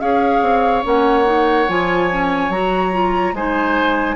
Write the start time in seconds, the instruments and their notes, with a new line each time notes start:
0.00 bassoon C#4, clarinet G#4, oboe C#5, flute F5
0.41 bassoon C4
0.83 bassoon A#3, clarinet C#4, flute F#5
1.25 clarinet D#4
1.68 bassoon F3, clarinet F4, flute G#5
2.11 clarinet C#4
2.49 bassoon F#3, clarinet F#4, flute A#5
2.92 clarinet F4
3.33 bassoon G#3, clarinet D#4, oboe C5, flute G#5